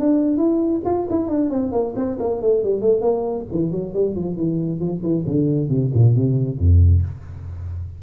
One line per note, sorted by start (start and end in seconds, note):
0.00 0.37 D4
0.37 0.82 E4
0.86 1.08 F4
1.10 1.29 E4
1.29 1.50 D4
1.50 1.72 C4
1.72 1.94 A#3
1.96 2.18 C4
2.20 2.42 A#3
2.42 2.64 A3
2.64 2.82 G3
2.82 3.02 A3
3.02 3.46 A#3
3.52 3.72 E3
3.72 3.94 F#3
3.94 4.16 G3
4.16 4.37 F3
4.37 4.80 E3
4.80 5.03 F3
5.03 5.25 E3
5.27 5.69 D3
5.69 5.91 C3
5.94 6.16 A#2
6.16 6.59 C3
6.59 7.03 F2